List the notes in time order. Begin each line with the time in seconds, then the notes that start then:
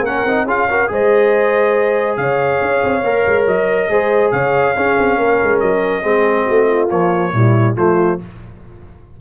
0.00 A#3 C#4 A#4 F#5
0.24 C4 D#4
0.44 C#4 F4 G#4 F5
0.69 F#4 A#4
0.87 G#3 G#4 C5 D#5
2.16 C#3 C#5 F5
2.61 C#4
2.83 C4
3.03 A#3 A#4
3.26 G#3
3.46 F#3 D#5
3.88 G#3 G#4 C5
4.31 C#3 C#5 F5
4.76 C#4 G#4
4.98 C4
5.17 A#3 A#4
5.43 G#3
5.59 F#3 D#5
6.02 G#3 C4 G#4
6.45 A3 F#4
6.66 F4
6.90 F3 A#3 C#5
7.33 A#2 G3 E4
7.76 F3 A3 F4 C5